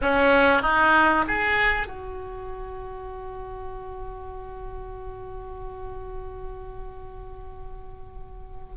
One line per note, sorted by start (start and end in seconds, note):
0.01 0.62 C#4
0.62 1.24 D#4
1.27 1.87 G#4
1.87 8.74 F#4